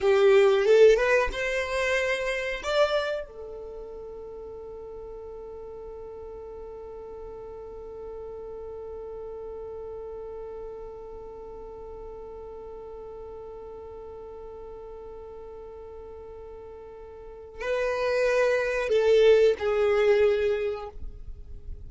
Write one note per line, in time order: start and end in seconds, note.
0.00 0.65 G4
0.65 0.96 A4
0.96 1.29 B4
1.32 2.62 C5
2.63 3.26 D5
3.26 17.60 A4
17.60 18.89 B4
18.89 19.54 A4
19.58 20.89 G#4